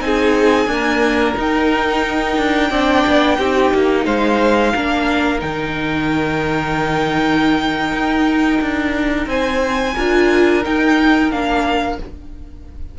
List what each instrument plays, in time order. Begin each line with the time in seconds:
0.00 cello C4, viola D#4, violin G#4 G#5
0.66 viola A#3, cello D4
0.72 violin A#4
1.36 viola D#4, cello D#4, violin G5
2.37 cello D4
2.69 cello C4, viola D4, violin D5
3.07 cello B3
3.37 cello C4, viola D#4, violin G4
3.74 cello A#3
4.05 cello G#3, violin C5 F5
4.75 cello A#3, viola D4, violin A#4
5.38 cello D#3, viola D#4, violin G5
7.92 cello D#4
8.61 cello D4
9.26 cello C4, violin C5 G#5
9.94 cello D4, viola F4, violin A#4
10.63 viola D#4, cello D#4, violin G5
11.31 cello A#3, viola D4, violin F5